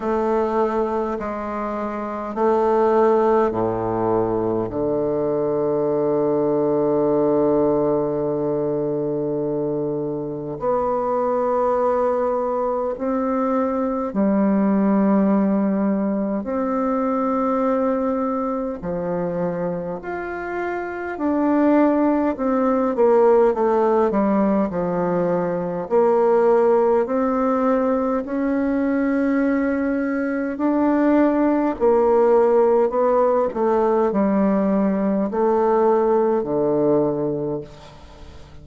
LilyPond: \new Staff \with { instrumentName = "bassoon" } { \time 4/4 \tempo 4 = 51 a4 gis4 a4 a,4 | d1~ | d4 b2 c'4 | g2 c'2 |
f4 f'4 d'4 c'8 ais8 | a8 g8 f4 ais4 c'4 | cis'2 d'4 ais4 | b8 a8 g4 a4 d4 | }